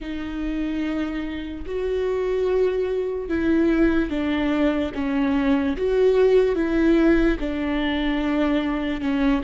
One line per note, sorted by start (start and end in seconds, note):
0.00 1.65 D#4
1.66 3.28 F#4
3.28 4.09 E4
4.09 4.92 D4
4.94 5.76 C#4
5.76 6.55 F#4
6.55 7.37 E4
7.39 9.00 D4
9.00 9.41 C#4